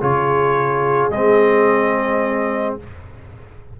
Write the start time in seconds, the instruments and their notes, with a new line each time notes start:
0.00 tuba C#3, trombone F4, horn G#4, trumpet C#5
1.10 tuba G#3, trombone C4, trumpet D#5